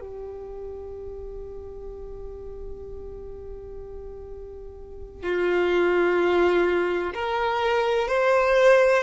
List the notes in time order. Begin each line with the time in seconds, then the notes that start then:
0.00 G4
5.23 F4
7.14 A#4
8.08 C5